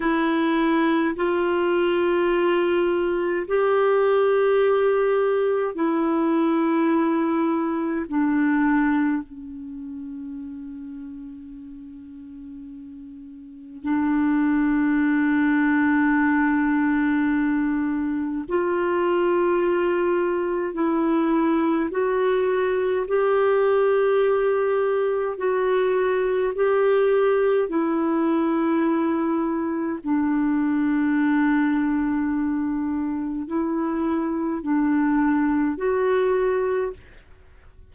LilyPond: \new Staff \with { instrumentName = "clarinet" } { \time 4/4 \tempo 4 = 52 e'4 f'2 g'4~ | g'4 e'2 d'4 | cis'1 | d'1 |
f'2 e'4 fis'4 | g'2 fis'4 g'4 | e'2 d'2~ | d'4 e'4 d'4 fis'4 | }